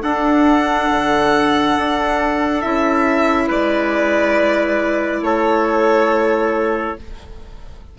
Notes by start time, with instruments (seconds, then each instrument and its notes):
0.00 clarinet D4, bassoon D4, trumpet A4, violin F#5
0.90 bassoon D3
1.77 bassoon D4
2.61 bassoon C#4, clarinet E4, violin E5
3.47 bassoon G#3, trumpet B4, violin D5
5.21 bassoon A3, trumpet A4, violin C#5